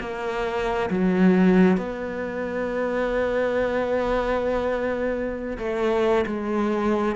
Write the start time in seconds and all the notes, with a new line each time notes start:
0.00 A#3
0.90 F#3
1.77 B3
5.58 A3
6.26 G#3